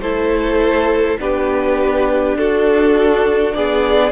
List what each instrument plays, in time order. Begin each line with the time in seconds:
0.00 cello A3, viola E4, violin A4 C5
1.19 cello B3, viola D4, violin G4 B4
2.36 cello D4, violin F#4 A4
3.54 cello B3, violin G#4 D5